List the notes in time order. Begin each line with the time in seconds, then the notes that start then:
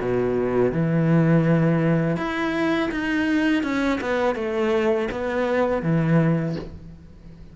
0.00 B2
0.72 E3
2.17 E4
2.91 D#4
3.63 C#4
4.01 B3
4.35 A3
5.11 B3
5.82 E3